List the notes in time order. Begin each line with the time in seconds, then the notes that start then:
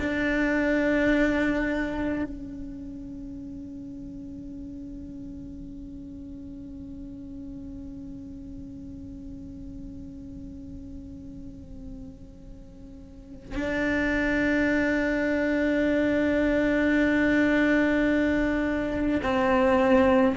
0.00 D4
2.24 C#4
13.55 D4
19.23 C4